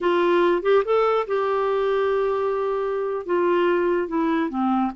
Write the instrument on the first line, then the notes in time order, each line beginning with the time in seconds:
clarinet
0.00 F4
0.62 G4
0.84 A4
1.27 G4
3.25 F4
4.08 E4
4.49 C4